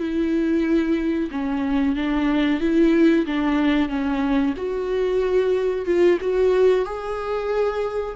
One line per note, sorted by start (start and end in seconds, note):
0.00 1.30 E4
1.32 1.96 C#4
1.96 2.61 D4
2.61 3.26 E4
3.26 3.89 D4
3.89 4.54 C#4
4.57 5.86 F#4
5.86 6.19 F4
6.21 6.86 F#4
6.86 8.16 G#4